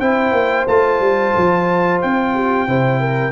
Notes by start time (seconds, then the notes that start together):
0.00 C4 E4 C5 G5
0.32 A#3
0.68 A3 F4 A5
1.00 G3
1.36 F3
2.02 C4 G5
2.34 G4
2.68 C3 E4 C5
3.01 A#4